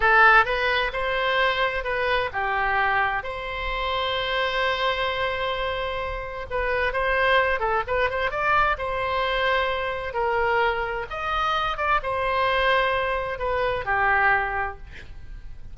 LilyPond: \new Staff \with { instrumentName = "oboe" } { \time 4/4 \tempo 4 = 130 a'4 b'4 c''2 | b'4 g'2 c''4~ | c''1~ | c''2 b'4 c''4~ |
c''8 a'8 b'8 c''8 d''4 c''4~ | c''2 ais'2 | dis''4. d''8 c''2~ | c''4 b'4 g'2 | }